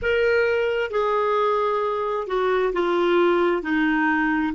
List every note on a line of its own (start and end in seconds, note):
0.02 0.90 A#4
0.90 2.27 G#4
2.27 2.72 F#4
2.73 3.62 F4
3.62 4.53 D#4